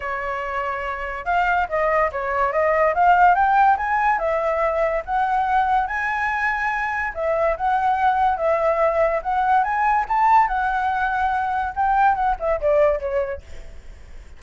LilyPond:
\new Staff \with { instrumentName = "flute" } { \time 4/4 \tempo 4 = 143 cis''2. f''4 | dis''4 cis''4 dis''4 f''4 | g''4 gis''4 e''2 | fis''2 gis''2~ |
gis''4 e''4 fis''2 | e''2 fis''4 gis''4 | a''4 fis''2. | g''4 fis''8 e''8 d''4 cis''4 | }